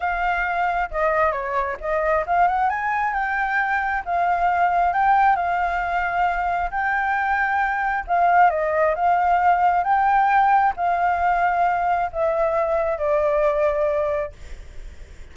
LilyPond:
\new Staff \with { instrumentName = "flute" } { \time 4/4 \tempo 4 = 134 f''2 dis''4 cis''4 | dis''4 f''8 fis''8 gis''4 g''4~ | g''4 f''2 g''4 | f''2. g''4~ |
g''2 f''4 dis''4 | f''2 g''2 | f''2. e''4~ | e''4 d''2. | }